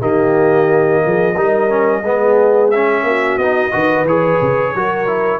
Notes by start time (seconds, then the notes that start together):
0.00 D#3 A#3 G4 D#5
1.05 F3 G#4
1.35 G3 D#4 A#4
1.69 C#4
2.00 G#3 B3 G#4
2.70 C#4 E5
3.03 A#3 F#4
3.37 B3 D#4 D#5
3.71 D#3 F#4 B4
4.04 E3 G#4 C#5
4.41 C#3
4.75 F#3 F#4 A#4
5.07 E4